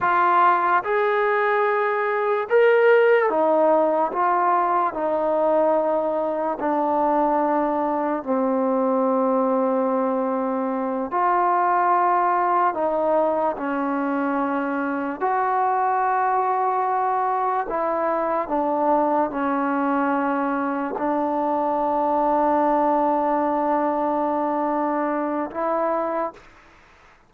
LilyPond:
\new Staff \with { instrumentName = "trombone" } { \time 4/4 \tempo 4 = 73 f'4 gis'2 ais'4 | dis'4 f'4 dis'2 | d'2 c'2~ | c'4. f'2 dis'8~ |
dis'8 cis'2 fis'4.~ | fis'4. e'4 d'4 cis'8~ | cis'4. d'2~ d'8~ | d'2. e'4 | }